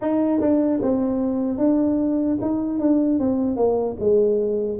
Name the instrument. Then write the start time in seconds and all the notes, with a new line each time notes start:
tuba
0.01 D#4
0.40 D4
0.81 C4
1.57 D4
2.41 D#4
2.79 D4
3.19 C4
3.56 A#3
3.99 G#3